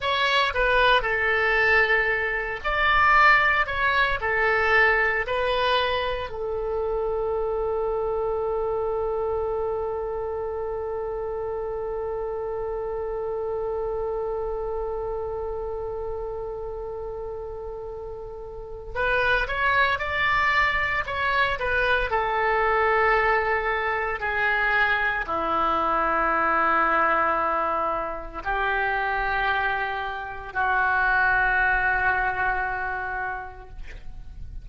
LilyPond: \new Staff \with { instrumentName = "oboe" } { \time 4/4 \tempo 4 = 57 cis''8 b'8 a'4. d''4 cis''8 | a'4 b'4 a'2~ | a'1~ | a'1~ |
a'2 b'8 cis''8 d''4 | cis''8 b'8 a'2 gis'4 | e'2. g'4~ | g'4 fis'2. | }